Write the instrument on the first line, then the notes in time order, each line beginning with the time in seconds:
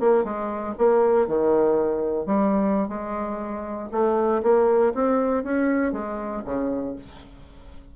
bassoon
0.00 A#3
0.24 G#3
0.78 A#3
1.27 D#3
2.26 G3
2.88 G#3
3.92 A3
4.43 A#3
4.94 C4
5.44 C#4
5.92 G#3
6.45 C#3